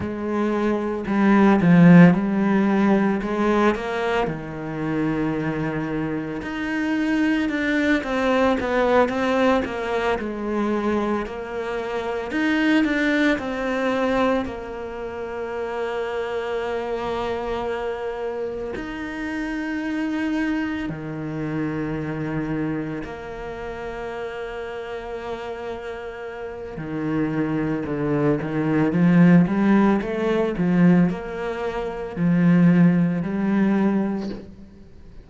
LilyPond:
\new Staff \with { instrumentName = "cello" } { \time 4/4 \tempo 4 = 56 gis4 g8 f8 g4 gis8 ais8 | dis2 dis'4 d'8 c'8 | b8 c'8 ais8 gis4 ais4 dis'8 | d'8 c'4 ais2~ ais8~ |
ais4. dis'2 dis8~ | dis4. ais2~ ais8~ | ais4 dis4 d8 dis8 f8 g8 | a8 f8 ais4 f4 g4 | }